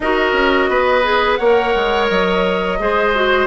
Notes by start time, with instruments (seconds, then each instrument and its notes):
0.00 bassoon D#4, clarinet F#4, oboe A#4, flute D#5
0.32 bassoon C#4
0.68 bassoon B3, oboe B4
1.03 clarinet G#4
1.35 bassoon A#3, oboe C#5, flute F#5
1.42 clarinet A#4
1.75 bassoon G#3
2.08 bassoon F#3, flute D#5
2.79 bassoon G#3, clarinet G#4, oboe C5
3.14 clarinet F#4